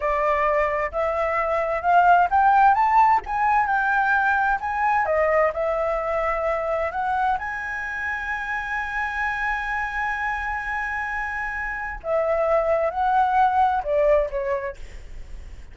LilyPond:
\new Staff \with { instrumentName = "flute" } { \time 4/4 \tempo 4 = 130 d''2 e''2 | f''4 g''4 a''4 gis''4 | g''2 gis''4 dis''4 | e''2. fis''4 |
gis''1~ | gis''1~ | gis''2 e''2 | fis''2 d''4 cis''4 | }